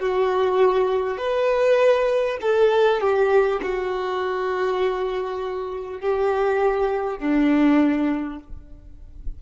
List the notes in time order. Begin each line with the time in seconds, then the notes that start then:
0.00 F#4
1.18 B4
2.41 A4
3.01 G4
3.62 F#4
6.01 G4
7.19 D4